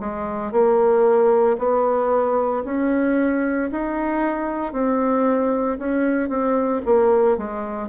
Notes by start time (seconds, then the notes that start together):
0.00 G#3
0.52 A#3
1.58 B3
2.65 C#4
3.71 D#4
4.73 C4
5.78 C#4
6.29 C4
6.86 A#3
7.37 G#3